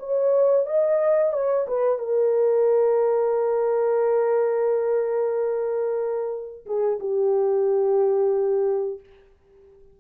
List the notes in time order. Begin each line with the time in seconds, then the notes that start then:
0.00 C#5
0.67 D#5
1.34 C#5
1.68 B4
1.99 A#4
6.66 G#4
7.00 G4